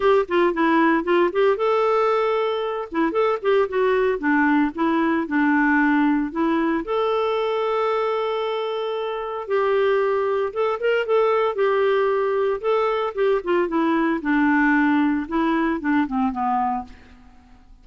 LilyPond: \new Staff \with { instrumentName = "clarinet" } { \time 4/4 \tempo 4 = 114 g'8 f'8 e'4 f'8 g'8 a'4~ | a'4. e'8 a'8 g'8 fis'4 | d'4 e'4 d'2 | e'4 a'2.~ |
a'2 g'2 | a'8 ais'8 a'4 g'2 | a'4 g'8 f'8 e'4 d'4~ | d'4 e'4 d'8 c'8 b4 | }